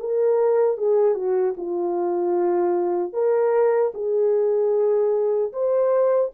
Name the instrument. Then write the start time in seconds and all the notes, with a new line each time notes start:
horn
0.00 A#4
0.78 G#4
1.15 F#4
1.58 F4
3.13 A#4
3.95 G#4
5.53 C5